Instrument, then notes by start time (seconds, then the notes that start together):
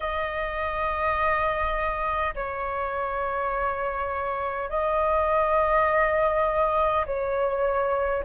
flute
0.00 D#5
2.34 C#5
4.70 D#5
7.06 C#5